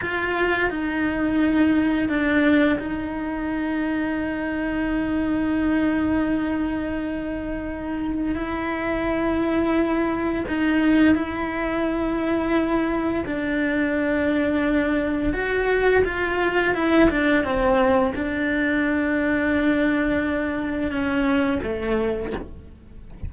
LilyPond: \new Staff \with { instrumentName = "cello" } { \time 4/4 \tempo 4 = 86 f'4 dis'2 d'4 | dis'1~ | dis'1 | e'2. dis'4 |
e'2. d'4~ | d'2 fis'4 f'4 | e'8 d'8 c'4 d'2~ | d'2 cis'4 a4 | }